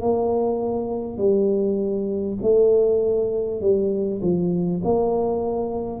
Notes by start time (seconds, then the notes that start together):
0.00 A#3
1.17 G3
2.42 A3
3.61 G3
4.21 F3
4.83 A#3